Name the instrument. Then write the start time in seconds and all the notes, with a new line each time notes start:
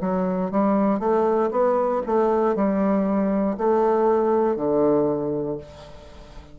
bassoon
0.00 F#3
0.51 G3
0.99 A3
1.51 B3
2.06 A3
2.55 G3
3.57 A3
4.56 D3